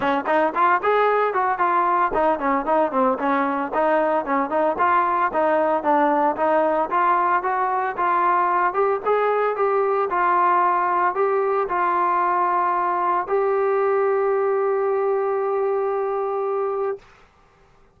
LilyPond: \new Staff \with { instrumentName = "trombone" } { \time 4/4 \tempo 4 = 113 cis'8 dis'8 f'8 gis'4 fis'8 f'4 | dis'8 cis'8 dis'8 c'8 cis'4 dis'4 | cis'8 dis'8 f'4 dis'4 d'4 | dis'4 f'4 fis'4 f'4~ |
f'8 g'8 gis'4 g'4 f'4~ | f'4 g'4 f'2~ | f'4 g'2.~ | g'1 | }